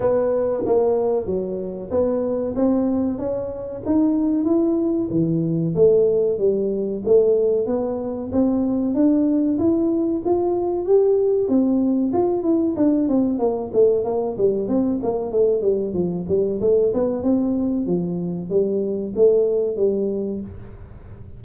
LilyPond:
\new Staff \with { instrumentName = "tuba" } { \time 4/4 \tempo 4 = 94 b4 ais4 fis4 b4 | c'4 cis'4 dis'4 e'4 | e4 a4 g4 a4 | b4 c'4 d'4 e'4 |
f'4 g'4 c'4 f'8 e'8 | d'8 c'8 ais8 a8 ais8 g8 c'8 ais8 | a8 g8 f8 g8 a8 b8 c'4 | f4 g4 a4 g4 | }